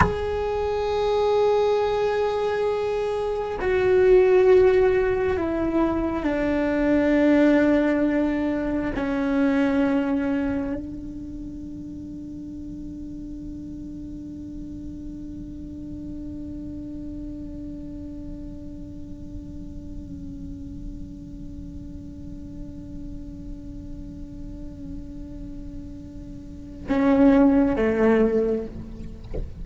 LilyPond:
\new Staff \with { instrumentName = "cello" } { \time 4/4 \tempo 4 = 67 gis'1 | fis'2 e'4 d'4~ | d'2 cis'2 | d'1~ |
d'1~ | d'1~ | d'1~ | d'2 cis'4 a4 | }